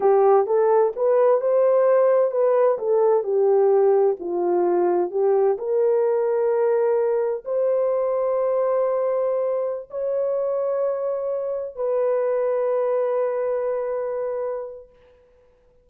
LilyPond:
\new Staff \with { instrumentName = "horn" } { \time 4/4 \tempo 4 = 129 g'4 a'4 b'4 c''4~ | c''4 b'4 a'4 g'4~ | g'4 f'2 g'4 | ais'1 |
c''1~ | c''4~ c''16 cis''2~ cis''8.~ | cis''4~ cis''16 b'2~ b'8.~ | b'1 | }